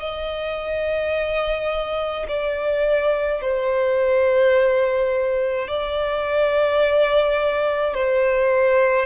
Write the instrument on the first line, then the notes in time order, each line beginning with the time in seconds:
violin
0.00 D#5
2.28 D5
3.42 C5
5.68 D5
7.95 C5